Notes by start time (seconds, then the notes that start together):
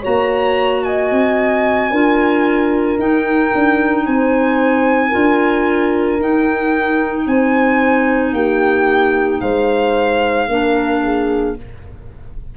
0.00 A#3 F#4 C#5 A#5
0.83 D#5 G#5
1.11 C4
1.90 D4 F4 A#4
2.98 D#4 G5
3.54 D4
4.05 C4 C5 G#5
5.09 D4 F4 A#4
6.19 D#4 G5
7.26 C4 C5 G#5
8.32 A#3 G4 G5
9.40 G#3 C5 F5
10.48 A#3 D4 A#4
11.03 G#4